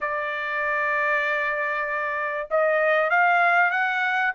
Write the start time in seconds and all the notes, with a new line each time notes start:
0.00 D5
2.50 D#5
3.10 F5
3.70 F#5